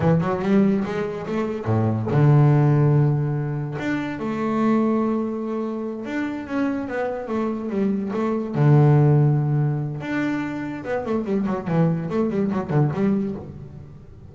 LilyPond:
\new Staff \with { instrumentName = "double bass" } { \time 4/4 \tempo 4 = 144 e8 fis8 g4 gis4 a4 | a,4 d2.~ | d4 d'4 a2~ | a2~ a8 d'4 cis'8~ |
cis'8 b4 a4 g4 a8~ | a8 d2.~ d8 | d'2 b8 a8 g8 fis8 | e4 a8 g8 fis8 d8 g4 | }